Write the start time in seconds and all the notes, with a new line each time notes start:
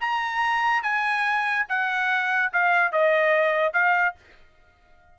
0.00 A#5
0.83 G#5
1.68 F#5
2.53 F5
2.92 D#5
3.73 F5